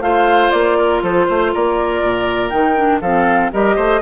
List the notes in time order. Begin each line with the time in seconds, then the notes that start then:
0.00 A3 F4 C5 F5
0.51 A#3 D5
0.78 A#4
1.02 F3 A4 C5
1.26 A3 C5
1.53 A#3 A#4 D5
2.03 A#2
2.50 D#3 D#4 G5
2.76 D4
3.01 F3 C4 A4 F5
3.52 G3 G4 A#4 D#5
3.76 A3 C5